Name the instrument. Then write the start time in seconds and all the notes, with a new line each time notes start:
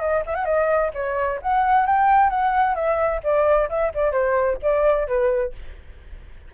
flute
0.00 D#5
0.26 E5
0.35 F#5
0.45 D#5
0.94 C#5
1.42 F#5
1.86 G5
2.30 F#5
2.75 E5
3.23 D5
3.69 E5
3.94 D5
4.11 C5
4.62 D5
5.07 B4